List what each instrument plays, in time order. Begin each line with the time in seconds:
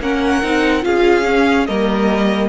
0.00 cello A#3, viola C#4, violin A#4 F#5
0.43 cello C4, viola D#4
0.82 cello C#4, viola F4, violin G#4 F5
1.25 viola C#4
1.66 cello G3, viola A#3, violin A#4 D#5